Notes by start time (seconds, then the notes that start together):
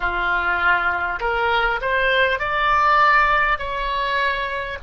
0.00 F4
1.20 A#4
1.81 C5
2.39 D5
3.58 C#5